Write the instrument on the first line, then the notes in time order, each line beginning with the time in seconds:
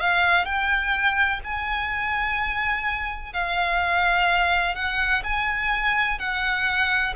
violin
0.00 F5
0.45 G5
1.44 G#5
3.33 F5
4.75 F#5
5.24 G#5
6.19 F#5